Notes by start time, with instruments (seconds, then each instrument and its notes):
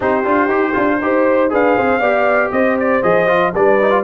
0.00 tuba C4, trombone D#4, horn G4, trumpet C5
0.24 tuba D4, trombone F4
0.47 tuba D#4, trombone G4
0.73 tuba D4, trombone F4
1.01 tuba D#4, trombone G4, horn C5
1.49 tuba D4, trombone G#4, horn B4, trumpet F5
1.76 tuba C4, horn C5
1.99 tuba B3, trombone G4, horn D5
2.51 tuba C4, horn C5, trumpet D#5
2.79 trumpet D5
3.02 tuba F3, trombone G#4, trumpet D#5
3.27 trombone F4
3.53 tuba G3, trombone D4, horn B4, trumpet D5
3.81 trombone D#4
3.90 trombone F4